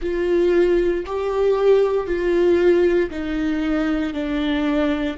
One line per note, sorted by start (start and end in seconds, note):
0.01 1.05 F4
1.06 2.06 G4
2.06 3.10 F4
3.10 4.13 D#4
4.13 5.17 D4